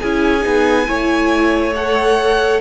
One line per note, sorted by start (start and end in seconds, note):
0.00 0.45 C#4
0.00 0.42 E4
0.00 0.88 G#4
0.00 1.74 G#5
0.42 0.89 B3
0.42 0.86 D#4
0.87 2.61 A3
0.87 1.74 E4
0.87 2.61 C#5
1.76 2.61 A4
1.76 2.61 F#5